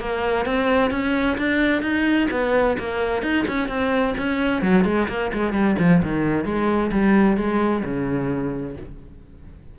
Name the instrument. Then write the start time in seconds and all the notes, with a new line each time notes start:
cello
0.00 A#3
0.46 C4
0.91 C#4
1.38 D4
1.82 D#4
2.31 B3
2.79 A#3
3.23 D#4
3.48 C#4
3.69 C4
4.18 C#4
4.63 F#3
4.85 G#3
5.09 A#3
5.33 G#3
5.53 G3
5.79 F3
6.03 D#3
6.45 G#3
6.92 G3
7.37 G#3
7.85 C#3